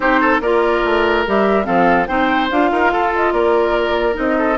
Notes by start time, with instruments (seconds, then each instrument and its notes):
0.00 bassoon C4, clarinet D#4, oboe G4, flute C5
0.20 oboe A4
0.40 bassoon A#3, clarinet F4, oboe A#4, flute D5
0.84 bassoon A3
1.26 bassoon G3, clarinet G4, flute E5
1.64 bassoon F3, clarinet C4, oboe A4, flute F5
2.06 bassoon C4, clarinet D#4, oboe C5, flute G5
2.50 bassoon D4, clarinet F4, flute F5
2.71 bassoon D#4, oboe A#4
2.92 bassoon F4, oboe A4
3.15 flute D#5
3.32 bassoon A#3, oboe A#4, flute D5
4.13 bassoon C4, clarinet D#4, flute D#5
4.38 oboe A4